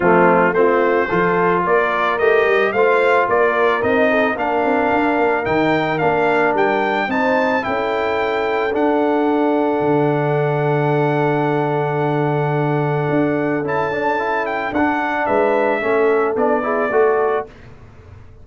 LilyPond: <<
  \new Staff \with { instrumentName = "trumpet" } { \time 4/4 \tempo 4 = 110 f'4 c''2 d''4 | dis''4 f''4 d''4 dis''4 | f''2 g''4 f''4 | g''4 a''4 g''2 |
fis''1~ | fis''1~ | fis''4 a''4. g''8 fis''4 | e''2 d''2 | }
  \new Staff \with { instrumentName = "horn" } { \time 4/4 c'4 f'4 a'4 ais'4~ | ais'4 c''4 ais'4. a'8 | ais'1~ | ais'4 c''4 a'2~ |
a'1~ | a'1~ | a'1 | b'4 a'4. gis'8 a'4 | }
  \new Staff \with { instrumentName = "trombone" } { \time 4/4 a4 c'4 f'2 | g'4 f'2 dis'4 | d'2 dis'4 d'4~ | d'4 dis'4 e'2 |
d'1~ | d'1~ | d'4 e'8 d'8 e'4 d'4~ | d'4 cis'4 d'8 e'8 fis'4 | }
  \new Staff \with { instrumentName = "tuba" } { \time 4/4 f4 a4 f4 ais4 | a8 g8 a4 ais4 c'4 | ais8 c'8 d'8 ais8 dis4 ais4 | g4 c'4 cis'2 |
d'2 d2~ | d1 | d'4 cis'2 d'4 | gis4 a4 b4 a4 | }
>>